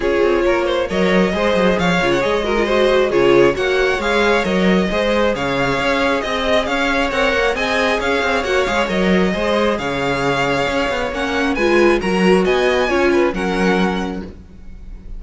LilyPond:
<<
  \new Staff \with { instrumentName = "violin" } { \time 4/4 \tempo 4 = 135 cis''2 dis''2 | f''8. fis''16 dis''2 cis''4 | fis''4 f''4 dis''2 | f''2 dis''4 f''4 |
fis''4 gis''4 f''4 fis''8 f''8 | dis''2 f''2~ | f''4 fis''4 gis''4 ais''4 | gis''2 fis''2 | }
  \new Staff \with { instrumentName = "violin" } { \time 4/4 gis'4 ais'8 c''8 cis''4 c''4 | cis''4. ais'8 c''4 gis'4 | cis''2. c''4 | cis''2 dis''4 cis''4~ |
cis''4 dis''4 cis''2~ | cis''4 c''4 cis''2~ | cis''2 b'4 ais'4 | dis''4 cis''8 b'8 ais'2 | }
  \new Staff \with { instrumentName = "viola" } { \time 4/4 f'2 ais'4 gis'4~ | gis'8 f'8 gis'8 fis'16 f'16 fis'4 f'4 | fis'4 gis'4 ais'4 gis'4~ | gis'1 |
ais'4 gis'2 fis'8 gis'8 | ais'4 gis'2.~ | gis'4 cis'4 f'4 fis'4~ | fis'4 f'4 cis'2 | }
  \new Staff \with { instrumentName = "cello" } { \time 4/4 cis'8 c'8 ais4 fis4 gis8 fis8 | f8 cis8 gis2 cis4 | ais4 gis4 fis4 gis4 | cis4 cis'4 c'4 cis'4 |
c'8 ais8 c'4 cis'8 c'8 ais8 gis8 | fis4 gis4 cis2 | cis'8 b8 ais4 gis4 fis4 | b4 cis'4 fis2 | }
>>